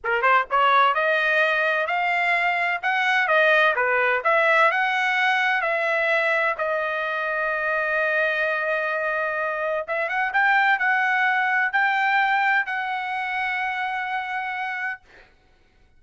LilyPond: \new Staff \with { instrumentName = "trumpet" } { \time 4/4 \tempo 4 = 128 ais'8 c''8 cis''4 dis''2 | f''2 fis''4 dis''4 | b'4 e''4 fis''2 | e''2 dis''2~ |
dis''1~ | dis''4 e''8 fis''8 g''4 fis''4~ | fis''4 g''2 fis''4~ | fis''1 | }